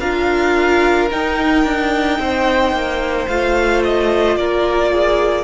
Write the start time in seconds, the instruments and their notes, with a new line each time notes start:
0.00 cello D4, viola F4, violin A#4 F5
1.10 viola D#4, cello D#4, violin G5
1.64 cello D4
2.19 cello C4, violin C5
2.72 cello A#3
3.28 cello A3, viola F4, violin F5
3.84 violin D#5
4.36 cello A#3, violin A#4 D5
4.92 violin G#4